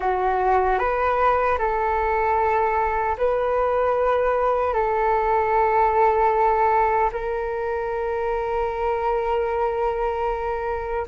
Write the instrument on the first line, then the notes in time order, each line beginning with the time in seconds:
flute
0.00 F#4
0.79 B4
1.58 A4
3.17 B4
4.73 A4
7.12 A#4